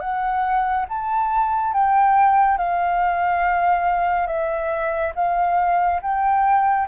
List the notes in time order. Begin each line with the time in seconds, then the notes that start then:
0.00 F#5
0.89 A5
1.73 G5
2.58 F5
4.27 E5
5.15 F5
6.02 G5